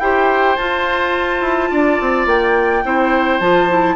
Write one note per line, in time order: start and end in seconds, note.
0.00 0.57 E4
0.00 0.58 G4
0.00 1.71 C5
0.00 0.57 G5
0.57 1.41 F4
0.57 2.85 F4
0.57 2.26 A5
1.41 1.70 E4
1.71 2.00 D4
1.71 2.85 D5
2.01 2.26 C4
2.26 2.83 A#3
2.26 3.40 G5
2.85 3.41 C4
2.85 3.42 E4
2.85 3.96 C5
3.40 3.96 F3
3.40 3.69 F4
3.40 3.96 A5
3.69 3.96 E4